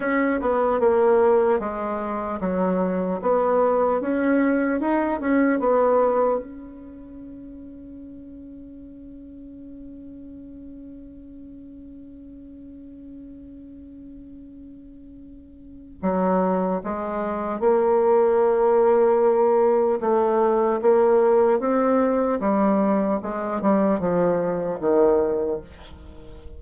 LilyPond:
\new Staff \with { instrumentName = "bassoon" } { \time 4/4 \tempo 4 = 75 cis'8 b8 ais4 gis4 fis4 | b4 cis'4 dis'8 cis'8 b4 | cis'1~ | cis'1~ |
cis'1 | fis4 gis4 ais2~ | ais4 a4 ais4 c'4 | g4 gis8 g8 f4 dis4 | }